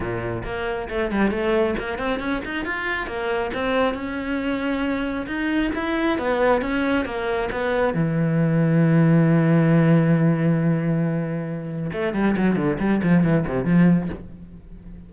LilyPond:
\new Staff \with { instrumentName = "cello" } { \time 4/4 \tempo 4 = 136 ais,4 ais4 a8 g8 a4 | ais8 c'8 cis'8 dis'8 f'4 ais4 | c'4 cis'2. | dis'4 e'4 b4 cis'4 |
ais4 b4 e2~ | e1~ | e2. a8 g8 | fis8 d8 g8 f8 e8 c8 f4 | }